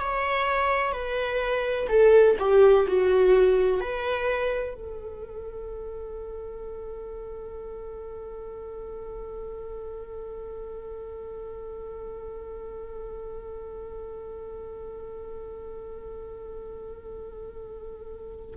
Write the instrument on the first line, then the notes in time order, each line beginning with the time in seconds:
viola
0.00 C#5
0.92 B4
1.88 A4
2.39 G4
2.87 F#4
3.81 B4
4.74 A4